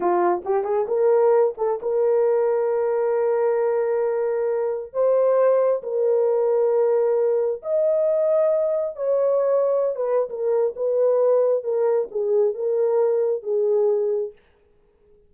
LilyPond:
\new Staff \with { instrumentName = "horn" } { \time 4/4 \tempo 4 = 134 f'4 g'8 gis'8 ais'4. a'8 | ais'1~ | ais'2. c''4~ | c''4 ais'2.~ |
ais'4 dis''2. | cis''2~ cis''16 b'8. ais'4 | b'2 ais'4 gis'4 | ais'2 gis'2 | }